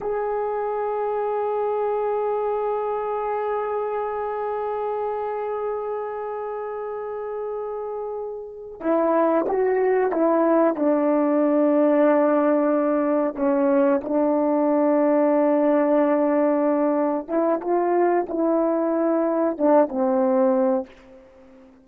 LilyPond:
\new Staff \with { instrumentName = "horn" } { \time 4/4 \tempo 4 = 92 gis'1~ | gis'1~ | gis'1~ | gis'4. e'4 fis'4 e'8~ |
e'8 d'2.~ d'8~ | d'8 cis'4 d'2~ d'8~ | d'2~ d'8 e'8 f'4 | e'2 d'8 c'4. | }